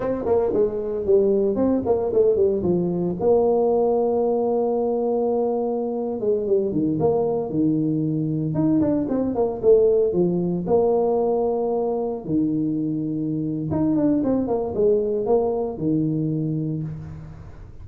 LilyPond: \new Staff \with { instrumentName = "tuba" } { \time 4/4 \tempo 4 = 114 c'8 ais8 gis4 g4 c'8 ais8 | a8 g8 f4 ais2~ | ais2.~ ais8. gis16~ | gis16 g8 dis8 ais4 dis4.~ dis16~ |
dis16 dis'8 d'8 c'8 ais8 a4 f8.~ | f16 ais2. dis8.~ | dis2 dis'8 d'8 c'8 ais8 | gis4 ais4 dis2 | }